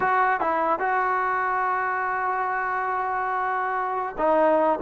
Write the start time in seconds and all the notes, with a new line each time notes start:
0.00 F#4
0.40 E4
0.79 F#4
4.18 D#4